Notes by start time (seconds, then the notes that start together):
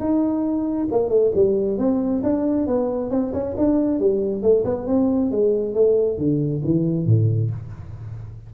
0.00 D#4
0.92 A#3
1.10 A3
1.35 G3
1.78 C4
2.23 D4
2.67 B3
3.11 C4
3.33 C#4
3.58 D4
4.00 G3
4.43 A3
4.65 B3
4.87 C4
5.32 G#3
5.75 A3
6.18 D3
6.65 E3
7.06 A2